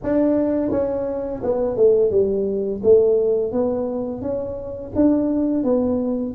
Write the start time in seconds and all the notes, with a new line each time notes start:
0.03 D4
0.71 C#4
1.43 B3
1.76 A3
2.10 G3
2.83 A3
3.52 B3
4.21 C#4
4.95 D4
5.63 B3